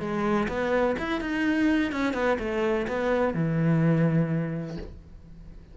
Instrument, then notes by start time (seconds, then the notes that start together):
cello
0.00 G#3
0.48 B3
0.99 E4
1.21 D#4
1.92 C#4
2.14 B3
2.39 A3
2.88 B3
3.34 E3